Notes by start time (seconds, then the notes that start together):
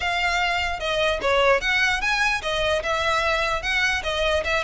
0.00 F5
0.79 D#5
1.21 C#5
1.61 F#5
2.01 G#5
2.42 D#5
2.82 E5
3.62 F#5
4.03 D#5
4.44 E5